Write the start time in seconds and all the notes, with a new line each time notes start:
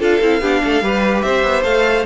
0.00 D4 F4 A4 F5
0.21 C4 E4
0.41 B3 D4 G4
0.64 A3 A4
0.82 G3 G4 B4
1.22 C4 C5 E5
1.43 B3
1.63 A3 A4 F5